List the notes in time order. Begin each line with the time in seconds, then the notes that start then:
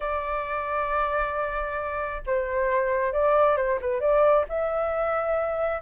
0.00 D5
2.26 C5
3.12 D5
3.56 C5
3.81 B4
4.00 D5
4.48 E5